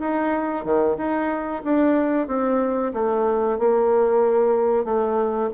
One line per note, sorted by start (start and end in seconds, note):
0.00 0.65 D#4
0.65 0.97 D#3
0.98 1.63 D#4
1.64 2.28 D4
2.28 2.93 C4
2.93 3.59 A3
3.59 4.85 A#3
4.85 5.50 A3